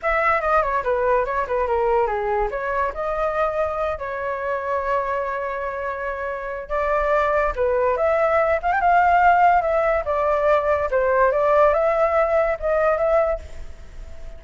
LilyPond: \new Staff \with { instrumentName = "flute" } { \time 4/4 \tempo 4 = 143 e''4 dis''8 cis''8 b'4 cis''8 b'8 | ais'4 gis'4 cis''4 dis''4~ | dis''4. cis''2~ cis''8~ | cis''1 |
d''2 b'4 e''4~ | e''8 f''16 g''16 f''2 e''4 | d''2 c''4 d''4 | e''2 dis''4 e''4 | }